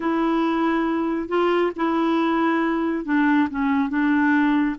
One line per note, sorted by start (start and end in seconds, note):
0.00 1.28 E4
1.28 1.71 F4
1.75 3.04 E4
3.04 3.48 D4
3.49 3.89 C#4
3.89 4.76 D4